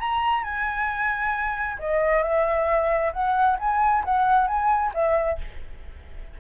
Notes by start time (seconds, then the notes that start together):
0.00 A#5
0.44 G#5
1.79 D#5
2.23 E5
3.13 F#5
3.60 G#5
4.05 F#5
4.48 G#5
4.94 E5